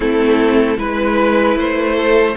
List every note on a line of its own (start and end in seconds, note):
0.00 0.77 A3
0.00 0.77 C4
0.00 0.78 E4
0.00 0.79 A4
0.77 1.56 G#3
0.77 2.35 E4
0.77 1.95 B4
0.77 1.57 B4
1.56 2.35 A3
1.56 2.36 C5
1.95 2.35 A4